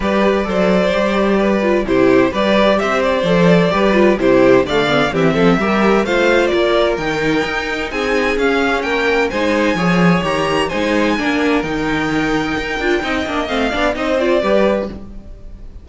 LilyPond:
<<
  \new Staff \with { instrumentName = "violin" } { \time 4/4 \tempo 4 = 129 d''1 | c''4 d''4 e''8 d''4.~ | d''4 c''4 f''4 e''4~ | e''4 f''4 d''4 g''4~ |
g''4 gis''4 f''4 g''4 | gis''2 ais''4 gis''4~ | gis''4 g''2.~ | g''4 f''4 dis''8 d''4. | }
  \new Staff \with { instrumentName = "violin" } { \time 4/4 b'4 c''2 b'4 | g'4 b'4 c''2 | b'4 g'4 d''4 g'8 a'8 | ais'4 c''4 ais'2~ |
ais'4 gis'2 ais'4 | c''4 cis''2 c''4 | ais'1 | dis''4. d''8 c''4 b'4 | }
  \new Staff \with { instrumentName = "viola" } { \time 4/4 g'4 a'4 g'4. f'8 | e'4 g'2 a'4 | g'8 f'8 e'4 a8 b8 c'4 | g'4 f'2 dis'4~ |
dis'2 cis'2 | dis'4 gis'4 g'4 dis'4 | d'4 dis'2~ dis'8 f'8 | dis'8 d'8 c'8 d'8 dis'8 f'8 g'4 | }
  \new Staff \with { instrumentName = "cello" } { \time 4/4 g4 fis4 g2 | c4 g4 c'4 f4 | g4 c4 d4 e8 f8 | g4 a4 ais4 dis4 |
dis'4 c'4 cis'4 ais4 | gis4 f4 dis4 gis4 | ais4 dis2 dis'8 d'8 | c'8 ais8 a8 b8 c'4 g4 | }
>>